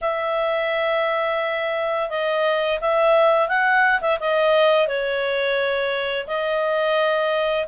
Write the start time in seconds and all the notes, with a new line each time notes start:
0.01 E5
2.09 D#5
2.80 E5
3.48 F#5
4.01 E5
4.20 D#5
4.87 C#5
6.27 D#5